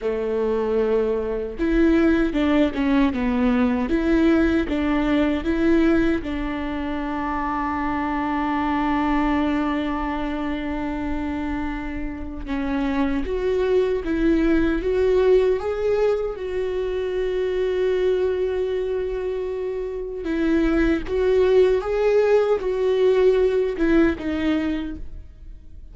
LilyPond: \new Staff \with { instrumentName = "viola" } { \time 4/4 \tempo 4 = 77 a2 e'4 d'8 cis'8 | b4 e'4 d'4 e'4 | d'1~ | d'1 |
cis'4 fis'4 e'4 fis'4 | gis'4 fis'2.~ | fis'2 e'4 fis'4 | gis'4 fis'4. e'8 dis'4 | }